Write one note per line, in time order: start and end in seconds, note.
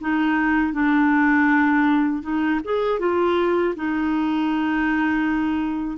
0.00 0.72 D#4
0.72 2.22 D4
2.22 2.60 D#4
2.64 2.99 G#4
2.99 3.74 F4
3.75 5.97 D#4